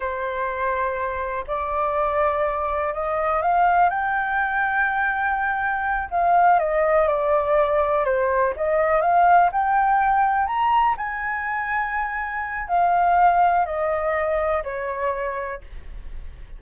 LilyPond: \new Staff \with { instrumentName = "flute" } { \time 4/4 \tempo 4 = 123 c''2. d''4~ | d''2 dis''4 f''4 | g''1~ | g''8 f''4 dis''4 d''4.~ |
d''8 c''4 dis''4 f''4 g''8~ | g''4. ais''4 gis''4.~ | gis''2 f''2 | dis''2 cis''2 | }